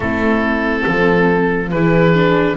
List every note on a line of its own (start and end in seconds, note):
0.00 0.84 A3
0.00 1.72 C4
0.00 0.83 E4
0.00 1.69 A4
0.85 1.72 F3
0.85 1.71 A4
1.71 2.57 E3
1.71 2.14 E4
1.71 2.57 G#4
1.71 2.56 B4
2.14 2.57 D4